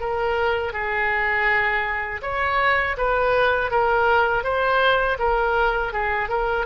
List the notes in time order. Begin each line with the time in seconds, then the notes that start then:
0.00 A#4
0.73 G#4
2.22 C#5
2.97 B4
3.71 A#4
4.43 C5
5.19 A#4
5.93 G#4
6.29 A#4